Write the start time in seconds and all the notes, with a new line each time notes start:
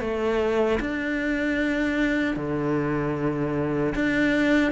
0.00 A3
0.80 D4
2.36 D3
3.95 D4